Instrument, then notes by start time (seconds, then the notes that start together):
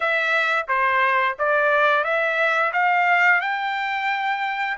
trumpet
0.00 E5
0.68 C5
1.38 D5
2.03 E5
2.73 F5
3.41 G5